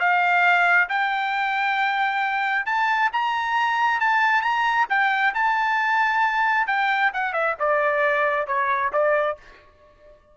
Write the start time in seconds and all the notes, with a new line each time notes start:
0.00 F5
0.89 G5
2.66 A5
3.13 A#5
4.00 A5
4.42 A#5
4.89 G5
5.35 A5
6.67 G5
7.14 F#5
7.33 E5
7.59 D5
8.47 C#5
8.93 D5